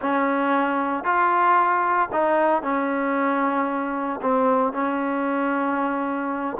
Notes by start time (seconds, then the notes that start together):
0.01 C#4
1.04 F4
2.12 D#4
2.62 C#4
4.21 C4
4.72 C#4